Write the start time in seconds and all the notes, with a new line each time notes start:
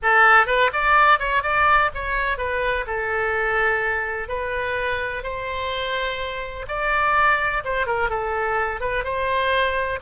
0.02 A4
0.46 B4
0.72 D5
1.19 C#5
1.43 D5
1.94 C#5
2.37 B4
2.86 A4
4.28 B4
5.23 C5
6.68 D5
7.64 C5
7.86 A#4
8.09 A4
8.80 B4
9.03 C5